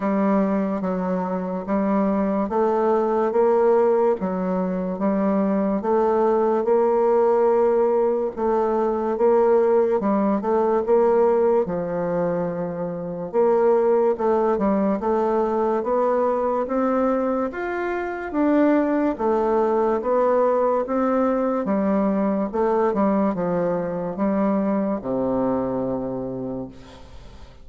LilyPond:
\new Staff \with { instrumentName = "bassoon" } { \time 4/4 \tempo 4 = 72 g4 fis4 g4 a4 | ais4 fis4 g4 a4 | ais2 a4 ais4 | g8 a8 ais4 f2 |
ais4 a8 g8 a4 b4 | c'4 f'4 d'4 a4 | b4 c'4 g4 a8 g8 | f4 g4 c2 | }